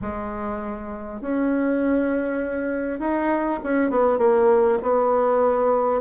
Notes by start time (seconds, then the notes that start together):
0.01 G#3
1.21 C#4
2.99 D#4
3.63 C#4
3.90 B3
4.18 A#3
4.82 B3